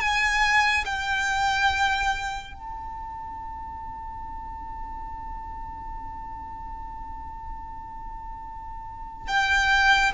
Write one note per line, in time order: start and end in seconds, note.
0.00 0.85 G#5
0.85 2.54 G5
2.54 9.28 A5
9.28 10.12 G5